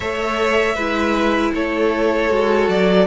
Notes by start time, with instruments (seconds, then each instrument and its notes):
0.00 cello A3, viola A4, violin C#5 E5
0.75 cello G#3, viola E4, violin B4
1.53 cello A3, violin A4 C#5
2.29 cello G#3, viola F#4
2.69 cello F#3, violin D5